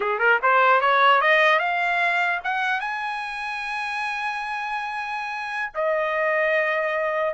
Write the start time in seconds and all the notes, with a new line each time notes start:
0.00 G#4
0.18 A#4
0.42 C5
0.81 C#5
1.21 D#5
1.59 F5
2.43 F#5
2.80 G#5
5.74 D#5